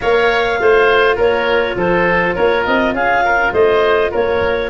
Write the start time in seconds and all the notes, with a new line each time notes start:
0.00 A#3 A#4 C#5 F5
0.59 A3 F4 C5
1.16 A#3 A#4 C#5
1.75 F3 A4 C5
2.35 A#3 A#4 C#5
2.65 C4 D#5
2.91 C#4 G#4 F5
3.24 A#4
3.52 A3 C5 D#5
4.11 A#3 A#4 C#5